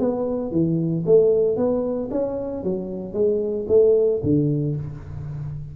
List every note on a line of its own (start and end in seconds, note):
0.00 0.52 B3
0.52 1.05 E3
1.06 1.57 A3
1.57 2.09 B3
2.11 2.64 C#4
2.64 3.14 F#3
3.14 3.67 G#3
3.69 4.21 A3
4.23 4.76 D3